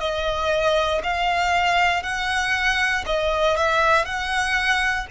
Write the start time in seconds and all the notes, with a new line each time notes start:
0.00 D#5
1.03 F5
2.02 F#5
3.06 D#5
3.56 E5
4.05 F#5